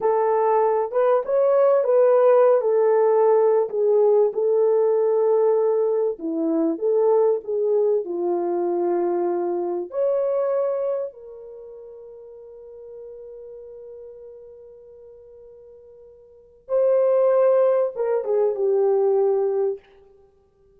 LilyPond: \new Staff \with { instrumentName = "horn" } { \time 4/4 \tempo 4 = 97 a'4. b'8 cis''4 b'4~ | b'16 a'4.~ a'16 gis'4 a'4~ | a'2 e'4 a'4 | gis'4 f'2. |
cis''2 ais'2~ | ais'1~ | ais'2. c''4~ | c''4 ais'8 gis'8 g'2 | }